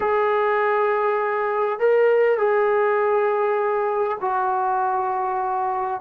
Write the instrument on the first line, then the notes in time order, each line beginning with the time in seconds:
trombone
0.00 G#4
1.79 A#4
2.38 G#4
4.20 F#4